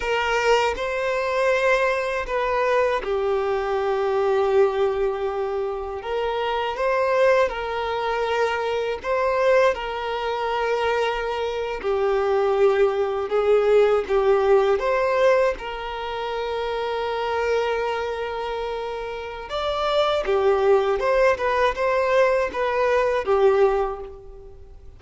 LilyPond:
\new Staff \with { instrumentName = "violin" } { \time 4/4 \tempo 4 = 80 ais'4 c''2 b'4 | g'1 | ais'4 c''4 ais'2 | c''4 ais'2~ ais'8. g'16~ |
g'4.~ g'16 gis'4 g'4 c''16~ | c''8. ais'2.~ ais'16~ | ais'2 d''4 g'4 | c''8 b'8 c''4 b'4 g'4 | }